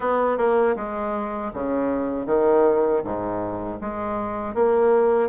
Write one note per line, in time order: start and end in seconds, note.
0.00 0.37 B3
0.37 0.75 A#3
0.76 1.52 G#3
1.53 2.26 C#3
2.26 3.02 D#3
3.04 3.80 G#2
3.80 4.54 G#3
4.54 5.29 A#3